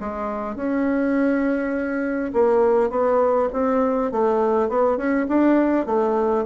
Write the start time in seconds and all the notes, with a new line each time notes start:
0.00 G#3
0.56 C#4
2.33 A#3
2.90 B3
3.53 C4
4.12 A3
4.69 B3
4.97 C#4
5.28 D4
5.86 A3